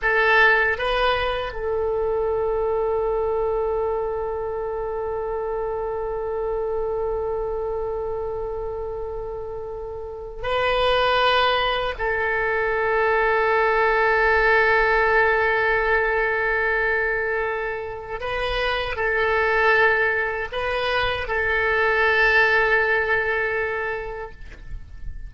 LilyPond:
\new Staff \with { instrumentName = "oboe" } { \time 4/4 \tempo 4 = 79 a'4 b'4 a'2~ | a'1~ | a'1~ | a'4.~ a'16 b'2 a'16~ |
a'1~ | a'1 | b'4 a'2 b'4 | a'1 | }